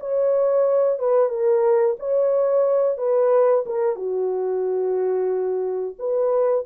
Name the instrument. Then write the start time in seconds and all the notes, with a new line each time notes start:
horn
0.00 C#5
0.98 B4
1.29 A#4
1.99 C#5
2.97 B4
3.66 A#4
3.95 F#4
5.99 B4